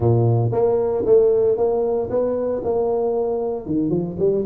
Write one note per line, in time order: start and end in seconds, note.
0.00 0.50 A#2
0.52 1.04 A#3
1.05 1.57 A3
1.57 2.09 A#3
2.09 2.62 B3
2.63 3.65 A#3
3.65 3.89 D#3
3.89 4.15 F3
4.18 4.44 G3